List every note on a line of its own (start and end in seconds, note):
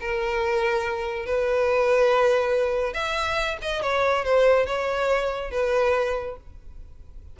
0.00 1.26 A#4
1.26 2.93 B4
2.93 3.57 E5
3.62 3.82 D#5
3.82 4.24 C#5
4.24 4.66 C5
4.66 5.51 C#5
5.51 6.36 B4